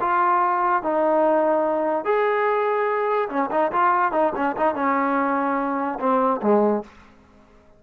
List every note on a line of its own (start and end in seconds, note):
0.00 0.83 F4
0.83 2.04 D#4
2.04 3.28 G#4
3.29 3.50 C#4
3.51 3.71 D#4
3.72 4.12 F4
4.12 4.32 D#4
4.35 4.56 C#4
4.56 4.74 D#4
4.74 5.98 C#4
5.99 6.40 C4
6.42 6.83 G#3